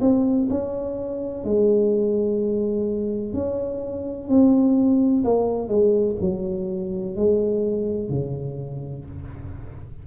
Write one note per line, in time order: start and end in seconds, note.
0.00 0.48 C4
0.49 1.44 C#4
1.44 3.33 G#3
3.33 4.28 C#4
4.28 5.23 C4
5.24 5.68 A#3
5.68 6.16 G#3
6.20 7.16 F#3
7.16 8.10 G#3
8.10 9.05 C#3